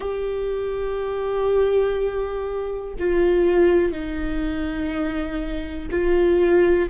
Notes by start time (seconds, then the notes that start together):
0.00 G4
2.99 F4
3.92 D#4
5.91 F4